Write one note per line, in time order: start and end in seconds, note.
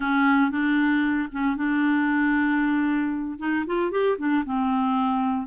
0.00 0.51 C#4
0.51 1.29 D4
1.31 1.56 C#4
1.56 3.39 D4
3.39 3.65 D#4
3.66 3.91 F4
3.91 4.17 G4
4.18 4.44 D4
4.45 5.46 C4